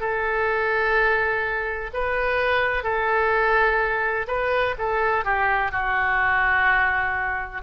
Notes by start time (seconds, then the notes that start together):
0.00 A4
1.93 B4
2.84 A4
4.27 B4
4.78 A4
5.24 G4
5.71 F#4